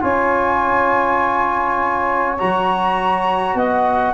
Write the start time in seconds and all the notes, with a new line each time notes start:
0.00 C#4 F4 C#5 G#5
2.38 F#3 F#4 A#5
3.54 B3 D#5 F#5